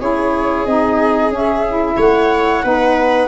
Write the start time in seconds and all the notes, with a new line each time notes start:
0.00 C#4 E4 G#4 C#5
0.66 C4 D#4 D#5
1.29 C#4
1.35 E5
1.67 E4
1.97 A3 C#5 F#5
2.63 B3 D#4 B4